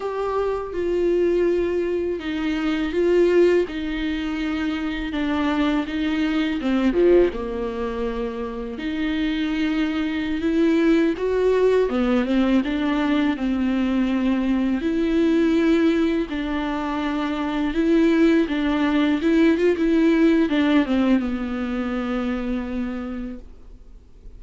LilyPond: \new Staff \with { instrumentName = "viola" } { \time 4/4 \tempo 4 = 82 g'4 f'2 dis'4 | f'4 dis'2 d'4 | dis'4 c'8 f8 ais2 | dis'2~ dis'16 e'4 fis'8.~ |
fis'16 b8 c'8 d'4 c'4.~ c'16~ | c'16 e'2 d'4.~ d'16~ | d'16 e'4 d'4 e'8 f'16 e'4 | d'8 c'8 b2. | }